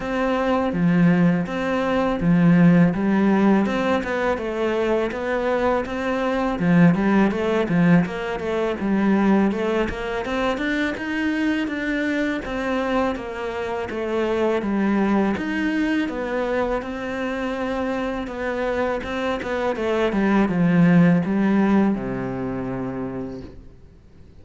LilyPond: \new Staff \with { instrumentName = "cello" } { \time 4/4 \tempo 4 = 82 c'4 f4 c'4 f4 | g4 c'8 b8 a4 b4 | c'4 f8 g8 a8 f8 ais8 a8 | g4 a8 ais8 c'8 d'8 dis'4 |
d'4 c'4 ais4 a4 | g4 dis'4 b4 c'4~ | c'4 b4 c'8 b8 a8 g8 | f4 g4 c2 | }